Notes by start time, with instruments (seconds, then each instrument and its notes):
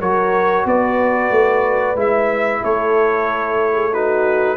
0.00 tuba F#3, trombone F#4, horn A#4, trumpet C#5
0.65 tuba B3, horn B4, trumpet D5
1.30 tuba A3
1.95 tuba G#3, trombone E4, trumpet E5
2.62 tuba A3, horn A4, trumpet C#5
3.74 horn G#4
3.92 trombone D#4, horn F#4, trumpet B4